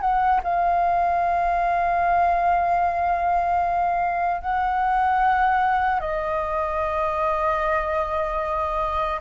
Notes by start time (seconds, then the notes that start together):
0.00 F#5
0.43 F5
4.41 F#5
6.00 D#5